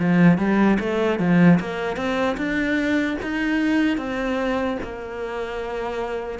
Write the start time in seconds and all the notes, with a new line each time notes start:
0.00 F3
0.39 G3
0.80 A3
1.20 F3
1.60 A#3
1.97 C4
2.37 D4
3.23 D#4
3.98 C4
4.83 A#3